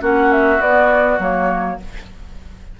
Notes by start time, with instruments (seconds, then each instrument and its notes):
0.00 bassoon A#3, clarinet C#4, oboe F#4, flute F#5
0.32 flute E5
0.59 bassoon B3, clarinet B3, flute D5
1.18 bassoon F#3, clarinet A#3, flute C#5